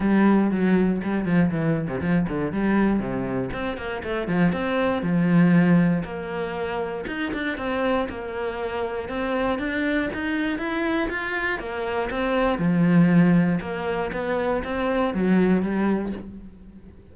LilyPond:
\new Staff \with { instrumentName = "cello" } { \time 4/4 \tempo 4 = 119 g4 fis4 g8 f8 e8. c16 | f8 d8 g4 c4 c'8 ais8 | a8 f8 c'4 f2 | ais2 dis'8 d'8 c'4 |
ais2 c'4 d'4 | dis'4 e'4 f'4 ais4 | c'4 f2 ais4 | b4 c'4 fis4 g4 | }